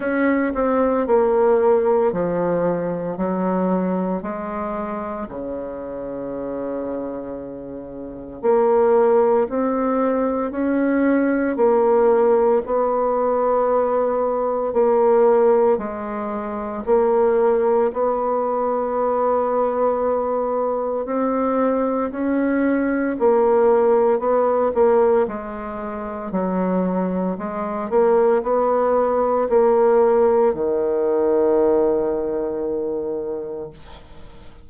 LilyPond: \new Staff \with { instrumentName = "bassoon" } { \time 4/4 \tempo 4 = 57 cis'8 c'8 ais4 f4 fis4 | gis4 cis2. | ais4 c'4 cis'4 ais4 | b2 ais4 gis4 |
ais4 b2. | c'4 cis'4 ais4 b8 ais8 | gis4 fis4 gis8 ais8 b4 | ais4 dis2. | }